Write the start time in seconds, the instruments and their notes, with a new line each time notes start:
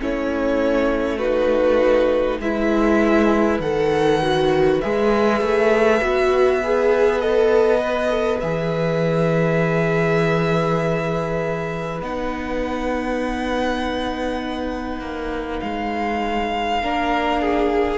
0.00 cello A3, viola C#4, violin E4 C#5
1.18 viola D#4, violin F#4 B4
2.40 cello G#3, viola E4, violin B4 E5
3.60 cello D#3, viola A4, violin F#5
4.21 viola F#4
4.80 cello G#3, viola G#4, violin E5
5.41 cello A3
6.00 cello B3, viola F#4
6.63 viola G#4
7.20 viola A4, violin D#5
7.78 viola B4
8.10 viola A4
8.40 cello E3, viola G#4, violin E5
12.01 cello B3, viola D#4, violin F#5
15.00 cello A#3
15.60 cello G#3, violin F5
16.82 cello A#3, viola D4, violin A#4
17.41 violin G#4